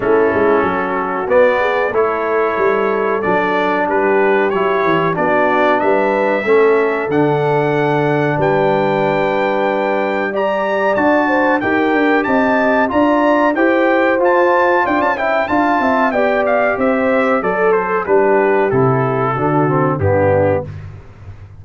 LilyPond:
<<
  \new Staff \with { instrumentName = "trumpet" } { \time 4/4 \tempo 4 = 93 a'2 d''4 cis''4~ | cis''4 d''4 b'4 cis''4 | d''4 e''2 fis''4~ | fis''4 g''2. |
ais''4 a''4 g''4 a''4 | ais''4 g''4 a''4 g''16 a''16 g''8 | a''4 g''8 f''8 e''4 d''8 c''8 | b'4 a'2 g'4 | }
  \new Staff \with { instrumentName = "horn" } { \time 4/4 e'4 fis'4. gis'8 a'4~ | a'2 g'2 | fis'4 b'4 a'2~ | a'4 b'2. |
d''4. c''8 ais'4 dis''4 | d''4 c''2 d''8 e''8 | f''8 e''8 d''4 c''4 a'4 | g'2 fis'4 d'4 | }
  \new Staff \with { instrumentName = "trombone" } { \time 4/4 cis'2 b4 e'4~ | e'4 d'2 e'4 | d'2 cis'4 d'4~ | d'1 |
g'4 fis'4 g'2 | f'4 g'4 f'4. e'8 | f'4 g'2 a'4 | d'4 e'4 d'8 c'8 b4 | }
  \new Staff \with { instrumentName = "tuba" } { \time 4/4 a8 gis8 fis4 b4 a4 | g4 fis4 g4 fis8 e8 | b4 g4 a4 d4~ | d4 g2.~ |
g4 d'4 dis'8 d'8 c'4 | d'4 e'4 f'4 d'16 cis'8. | d'8 c'8 b4 c'4 fis4 | g4 c4 d4 g,4 | }
>>